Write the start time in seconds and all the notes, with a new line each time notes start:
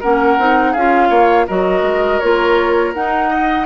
0.00 A#3 C#4 A#4 F#5
0.38 C4 D#4
0.71 C#4 F4 G#4 F5
1.09 A#3 C#5
1.46 F#3 F#4 A#4 D#5
1.82 G#3
2.19 A#3 F4 C#5
2.94 D#4 F#5
3.29 D#5